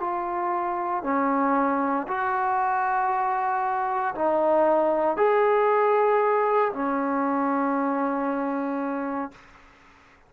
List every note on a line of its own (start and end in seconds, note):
0.00 1.03 F4
1.03 2.07 C#4
2.08 4.15 F#4
4.15 5.17 D#4
5.17 6.72 G#4
6.73 9.32 C#4